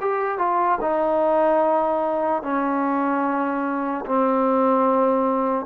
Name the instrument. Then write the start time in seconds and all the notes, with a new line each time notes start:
trombone
0.00 G4
0.38 F4
0.81 D#4
2.43 C#4
4.05 C4